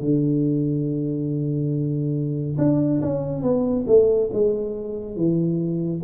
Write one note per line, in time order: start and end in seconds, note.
0.00 2.57 D3
2.58 3.01 D4
3.02 3.42 C#4
3.42 3.85 B3
3.87 4.30 A3
4.32 5.16 G#3
5.16 6.02 E3